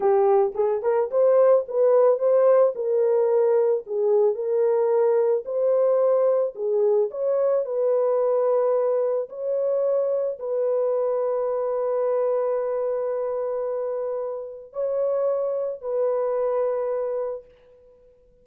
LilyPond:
\new Staff \with { instrumentName = "horn" } { \time 4/4 \tempo 4 = 110 g'4 gis'8 ais'8 c''4 b'4 | c''4 ais'2 gis'4 | ais'2 c''2 | gis'4 cis''4 b'2~ |
b'4 cis''2 b'4~ | b'1~ | b'2. cis''4~ | cis''4 b'2. | }